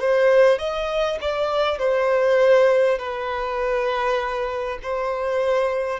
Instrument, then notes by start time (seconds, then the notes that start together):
violin
0.00 C5
0.59 D#5
1.21 D5
1.79 C5
2.99 B4
4.83 C5